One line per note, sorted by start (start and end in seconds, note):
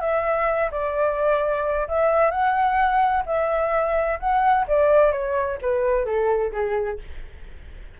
0.00 0.70 E5
0.71 1.87 D5
1.88 2.30 E5
2.30 3.23 F#5
3.26 4.19 E5
4.19 4.66 F#5
4.67 5.12 D5
5.12 5.58 C#5
5.61 6.05 B4
6.05 6.52 A4
6.52 6.99 G#4